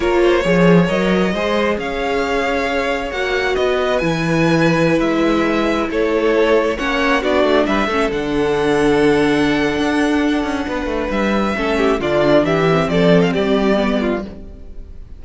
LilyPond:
<<
  \new Staff \with { instrumentName = "violin" } { \time 4/4 \tempo 4 = 135 cis''2 dis''2 | f''2. fis''4 | dis''4 gis''2~ gis''16 e''8.~ | e''4~ e''16 cis''2 fis''8.~ |
fis''16 d''4 e''4 fis''4.~ fis''16~ | fis''1~ | fis''4 e''2 d''4 | e''4 d''8. f''16 d''2 | }
  \new Staff \with { instrumentName = "violin" } { \time 4/4 ais'8 c''8 cis''2 c''4 | cis''1 | b'1~ | b'4~ b'16 a'2 cis''8.~ |
cis''16 fis'4 b'8 a'2~ a'16~ | a'1 | b'2 a'8 g'8 f'4 | g'4 a'4 g'4. f'8 | }
  \new Staff \with { instrumentName = "viola" } { \time 4/4 f'4 gis'4 ais'4 gis'4~ | gis'2. fis'4~ | fis'4 e'2.~ | e'2.~ e'16 cis'8.~ |
cis'16 d'4. cis'8 d'4.~ d'16~ | d'1~ | d'2 cis'4 d'4~ | d'8 c'2~ c'8 b4 | }
  \new Staff \with { instrumentName = "cello" } { \time 4/4 ais4 f4 fis4 gis4 | cis'2. ais4 | b4 e2~ e16 gis8.~ | gis4~ gis16 a2 ais8.~ |
ais16 b8 a8 g8 a8 d4.~ d16~ | d2 d'4. cis'8 | b8 a8 g4 a4 d4 | e4 f4 g2 | }
>>